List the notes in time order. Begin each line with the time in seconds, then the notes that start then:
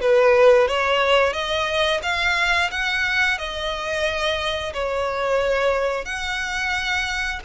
0.00 B4
0.67 C#5
1.33 D#5
2.02 F5
2.70 F#5
3.38 D#5
4.73 C#5
6.05 F#5